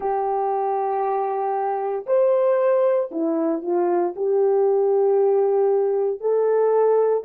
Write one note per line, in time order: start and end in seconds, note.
0.00 2.05 G4
2.06 3.09 C5
3.11 3.62 E4
3.62 4.14 F4
4.16 6.20 G4
6.20 7.23 A4